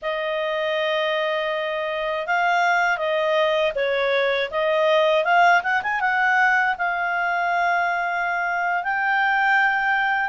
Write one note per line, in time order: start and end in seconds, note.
0.02 2.26 D#5
2.26 2.97 F5
2.97 3.72 D#5
3.75 4.50 C#5
4.50 5.24 D#5
5.24 5.61 F5
5.63 5.82 F#5
5.83 6.00 G#5
6.00 6.75 F#5
6.77 8.83 F5
8.83 10.29 G5